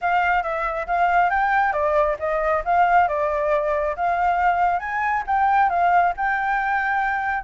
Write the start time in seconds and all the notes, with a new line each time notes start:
0.01 F5
0.42 E5
0.87 F5
1.30 G5
1.72 D5
2.19 D#5
2.65 F5
3.08 D5
3.96 F5
4.79 G#5
5.26 G5
5.69 F5
6.17 G5